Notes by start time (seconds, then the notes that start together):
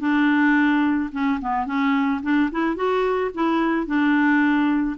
0.00 D4
1.12 C#4
1.41 B3
1.66 C#4
2.22 D4
2.51 E4
2.76 F#4
3.34 E4
3.87 D4